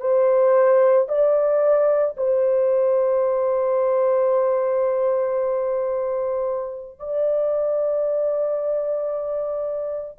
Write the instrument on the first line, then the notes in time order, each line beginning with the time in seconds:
horn
0.00 C5
1.08 D5
2.17 C5
6.99 D5